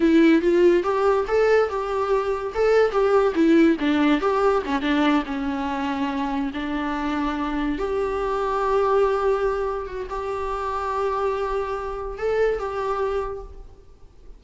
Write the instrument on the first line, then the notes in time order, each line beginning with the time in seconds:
viola
0.00 E4
0.41 F4
0.83 G4
1.27 A4
1.69 G4
2.54 A4
2.91 G4
3.34 E4
3.79 D4
4.21 G4
4.65 C#4
4.81 D4
5.25 C#4
6.53 D4
7.78 G4
9.86 F#4
10.09 G4
12.18 A4
12.59 G4